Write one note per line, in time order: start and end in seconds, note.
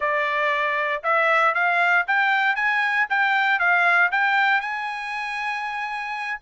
0.00 1.03 D5
1.03 1.54 E5
1.54 2.05 F5
2.07 2.55 G5
2.55 3.07 G#5
3.09 3.59 G5
3.59 4.10 F5
4.11 4.60 G5
4.60 6.40 G#5